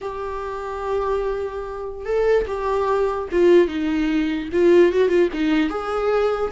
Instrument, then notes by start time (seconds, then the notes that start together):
viola
0.01 G4
2.05 A4
2.47 G4
3.31 F4
3.67 D#4
4.52 F4
4.92 F#4
5.08 F4
5.33 D#4
5.69 G#4